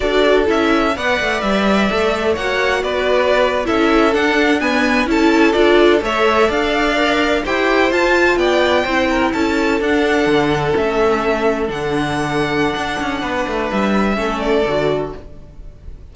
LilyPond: <<
  \new Staff \with { instrumentName = "violin" } { \time 4/4 \tempo 4 = 127 d''4 e''4 fis''4 e''4~ | e''4 fis''4 d''4.~ d''16 e''16~ | e''8. fis''4 gis''4 a''4 d''16~ | d''8. e''4 f''2 g''16~ |
g''8. a''4 g''2 a''16~ | a''8. fis''2 e''4~ e''16~ | e''8. fis''2.~ fis''16~ | fis''4 e''4. d''4. | }
  \new Staff \with { instrumentName = "violin" } { \time 4/4 a'2 d''2~ | d''4 cis''4 b'4.~ b'16 a'16~ | a'4.~ a'16 b'4 a'4~ a'16~ | a'8. cis''4 d''2 c''16~ |
c''4.~ c''16 d''4 c''8 ais'8 a'16~ | a'1~ | a'1 | b'2 a'2 | }
  \new Staff \with { instrumentName = "viola" } { \time 4/4 fis'4 e'4 b'2 | a'4 fis'2~ fis'8. e'16~ | e'8. d'4 b4 e'4 f'16~ | f'8. a'2 ais'4 g'16~ |
g'8. f'2 e'4~ e'16~ | e'8. d'2 cis'4~ cis'16~ | cis'8. d'2.~ d'16~ | d'2 cis'4 fis'4 | }
  \new Staff \with { instrumentName = "cello" } { \time 4/4 d'4 cis'4 b8 a8 g4 | a4 ais4 b4.~ b16 cis'16~ | cis'8. d'2 cis'4 d'16~ | d'8. a4 d'2 e'16~ |
e'8. f'4 b4 c'4 cis'16~ | cis'8. d'4 d4 a4~ a16~ | a8. d2~ d16 d'8 cis'8 | b8 a8 g4 a4 d4 | }
>>